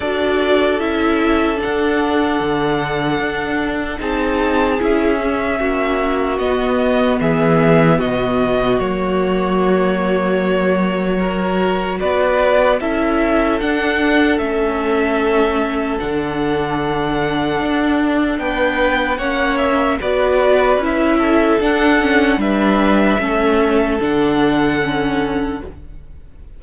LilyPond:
<<
  \new Staff \with { instrumentName = "violin" } { \time 4/4 \tempo 4 = 75 d''4 e''4 fis''2~ | fis''4 a''4 e''2 | dis''4 e''4 dis''4 cis''4~ | cis''2. d''4 |
e''4 fis''4 e''2 | fis''2. g''4 | fis''8 e''8 d''4 e''4 fis''4 | e''2 fis''2 | }
  \new Staff \with { instrumentName = "violin" } { \time 4/4 a'1~ | a'4 gis'2 fis'4~ | fis'4 gis'4 fis'2~ | fis'2 ais'4 b'4 |
a'1~ | a'2. b'4 | cis''4 b'4. a'4. | b'4 a'2. | }
  \new Staff \with { instrumentName = "viola" } { \time 4/4 fis'4 e'4 d'2~ | d'4 dis'4 e'8 cis'4. | b2. ais4~ | ais2 fis'2 |
e'4 d'4 cis'2 | d'1 | cis'4 fis'4 e'4 d'8 cis'8 | d'4 cis'4 d'4 cis'4 | }
  \new Staff \with { instrumentName = "cello" } { \time 4/4 d'4 cis'4 d'4 d4 | d'4 c'4 cis'4 ais4 | b4 e4 b,4 fis4~ | fis2. b4 |
cis'4 d'4 a2 | d2 d'4 b4 | ais4 b4 cis'4 d'4 | g4 a4 d2 | }
>>